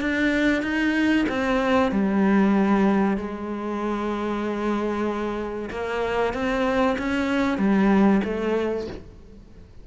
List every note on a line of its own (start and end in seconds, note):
0.00 0.62 D4
0.62 1.25 D#4
1.28 1.91 C4
1.91 3.17 G3
3.17 5.69 G#3
5.70 6.33 A#3
6.33 6.96 C4
6.98 7.58 C#4
7.58 8.21 G3
8.23 8.87 A3